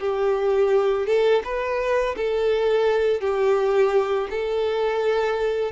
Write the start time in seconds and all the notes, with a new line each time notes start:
0.00 G4
1.07 A4
1.44 B4
2.17 A4
3.21 G4
4.31 A4